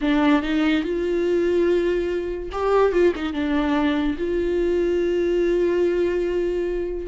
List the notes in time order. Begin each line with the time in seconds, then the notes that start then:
0.01 D4
0.42 D#4
0.83 F4
2.52 G4
2.92 F4
3.15 D#4
3.33 D4
4.18 F4